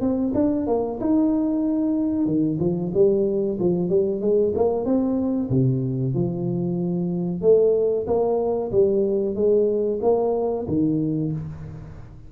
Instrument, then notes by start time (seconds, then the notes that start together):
tuba
0.00 C4
0.34 D4
0.66 A#3
1.00 D#4
2.26 D#3
2.59 F3
2.94 G3
3.59 F3
3.89 G3
4.21 G#3
4.55 A#3
4.85 C4
5.50 C3
6.14 F3
7.41 A3
8.06 A#3
8.71 G3
9.35 G#3
10.02 A#3
10.67 D#3